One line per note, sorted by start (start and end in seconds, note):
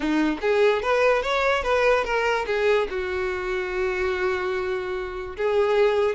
0.00 0.38 D#4
0.41 0.82 G#4
0.82 1.22 B4
1.22 1.63 C#5
1.63 2.04 B4
2.04 2.45 A#4
2.46 2.87 G#4
2.90 5.36 F#4
5.36 6.15 G#4